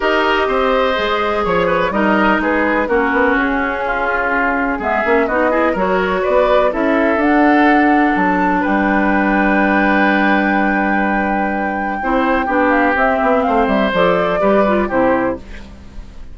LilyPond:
<<
  \new Staff \with { instrumentName = "flute" } { \time 4/4 \tempo 4 = 125 dis''2. cis''4 | dis''4 b'4 ais'4 gis'4~ | gis'2 e''4 dis''4 | cis''4 d''4 e''4 fis''4~ |
fis''4 a''4 g''2~ | g''1~ | g''2~ g''8 f''8 e''4 | f''8 e''8 d''2 c''4 | }
  \new Staff \with { instrumentName = "oboe" } { \time 4/4 ais'4 c''2 cis''8 b'8 | ais'4 gis'4 fis'2 | f'2 gis'4 fis'8 gis'8 | ais'4 b'4 a'2~ |
a'2 b'2~ | b'1~ | b'4 c''4 g'2 | c''2 b'4 g'4 | }
  \new Staff \with { instrumentName = "clarinet" } { \time 4/4 g'2 gis'2 | dis'2 cis'2~ | cis'2 b8 cis'8 dis'8 e'8 | fis'2 e'4 d'4~ |
d'1~ | d'1~ | d'4 e'4 d'4 c'4~ | c'4 a'4 g'8 f'8 e'4 | }
  \new Staff \with { instrumentName = "bassoon" } { \time 4/4 dis'4 c'4 gis4 f4 | g4 gis4 ais8 b8 cis'4~ | cis'2 gis8 ais8 b4 | fis4 b4 cis'4 d'4~ |
d'4 fis4 g2~ | g1~ | g4 c'4 b4 c'8 b8 | a8 g8 f4 g4 c4 | }
>>